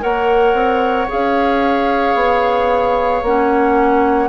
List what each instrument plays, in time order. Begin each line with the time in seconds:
0.00 bassoon A#3, clarinet A#4, oboe C#5, flute F#5
0.54 bassoon C4
1.08 bassoon C#4, clarinet G#4, flute F5
2.15 bassoon B3
3.22 bassoon A#3, clarinet C#4, flute F#5